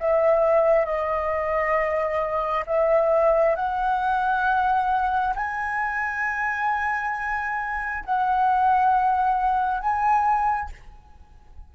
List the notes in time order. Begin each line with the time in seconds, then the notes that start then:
0.00 E5
0.85 D#5
2.67 E5
3.56 F#5
5.36 G#5
8.05 F#5
9.80 G#5